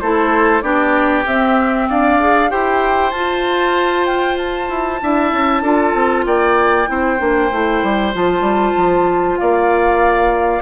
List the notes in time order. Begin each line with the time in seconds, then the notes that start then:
0.00 A3 E4 A4 C5
0.61 B3 D4 G4 D5
1.25 C4 E5
1.89 D4 D5 F5
2.19 G#4
2.49 E4 G4 C5 G5
3.10 F4 A5
4.05 G5
4.37 A5
4.69 E4
5.02 D4 E4 E5
5.32 C#4
5.61 D4 F4 A4
5.93 C4
6.25 A#3 D5 G5
6.86 C4 E4 C5
7.18 A#3 D4
7.51 A3 E4
7.83 G3
8.12 F3 F4 A5
8.40 G3
8.76 F3
9.36 A#3 D5 F5